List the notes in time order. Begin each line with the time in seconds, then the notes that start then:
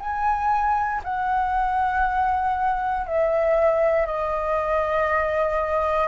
0.00 G#5
1.04 F#5
3.06 E5
4.06 D#5